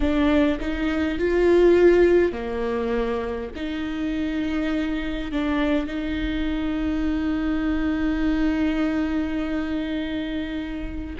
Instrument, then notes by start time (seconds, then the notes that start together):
viola
0.00 D4
0.59 D#4
1.18 F4
2.32 A#3
3.55 D#4
5.32 D4
5.86 D#4